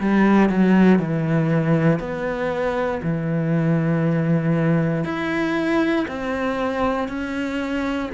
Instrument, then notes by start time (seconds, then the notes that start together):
cello
0.00 G3
0.49 F#3
0.99 E3
1.99 B3
3.02 E3
5.04 E4
6.07 C4
7.08 C#4